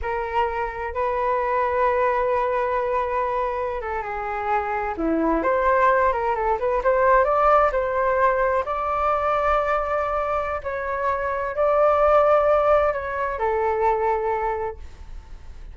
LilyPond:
\new Staff \with { instrumentName = "flute" } { \time 4/4 \tempo 4 = 130 ais'2 b'2~ | b'1~ | b'16 a'8 gis'2 e'4 c''16~ | c''4~ c''16 ais'8 a'8 b'8 c''4 d''16~ |
d''8. c''2 d''4~ d''16~ | d''2. cis''4~ | cis''4 d''2. | cis''4 a'2. | }